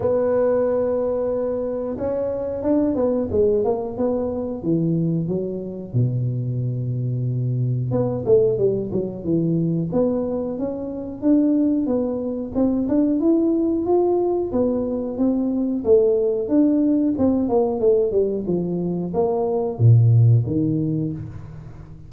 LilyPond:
\new Staff \with { instrumentName = "tuba" } { \time 4/4 \tempo 4 = 91 b2. cis'4 | d'8 b8 gis8 ais8 b4 e4 | fis4 b,2. | b8 a8 g8 fis8 e4 b4 |
cis'4 d'4 b4 c'8 d'8 | e'4 f'4 b4 c'4 | a4 d'4 c'8 ais8 a8 g8 | f4 ais4 ais,4 dis4 | }